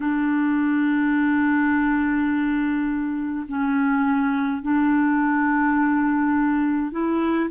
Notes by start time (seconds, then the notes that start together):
0.00 D4
3.48 C#4
4.62 D4
6.91 E4